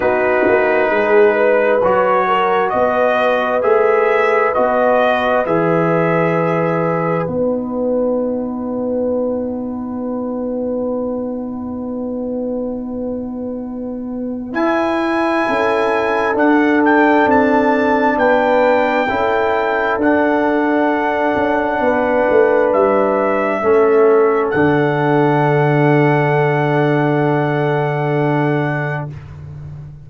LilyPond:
<<
  \new Staff \with { instrumentName = "trumpet" } { \time 4/4 \tempo 4 = 66 b'2 cis''4 dis''4 | e''4 dis''4 e''2 | fis''1~ | fis''1 |
gis''2 fis''8 g''8 a''4 | g''2 fis''2~ | fis''4 e''2 fis''4~ | fis''1 | }
  \new Staff \with { instrumentName = "horn" } { \time 4/4 fis'4 gis'8 b'4 ais'8 b'4~ | b'1~ | b'1~ | b'1~ |
b'4 a'2. | b'4 a'2. | b'2 a'2~ | a'1 | }
  \new Staff \with { instrumentName = "trombone" } { \time 4/4 dis'2 fis'2 | gis'4 fis'4 gis'2 | dis'1~ | dis'1 |
e'2 d'2~ | d'4 e'4 d'2~ | d'2 cis'4 d'4~ | d'1 | }
  \new Staff \with { instrumentName = "tuba" } { \time 4/4 b8 ais8 gis4 fis4 b4 | a4 b4 e2 | b1~ | b1 |
e'4 cis'4 d'4 c'4 | b4 cis'4 d'4. cis'8 | b8 a8 g4 a4 d4~ | d1 | }
>>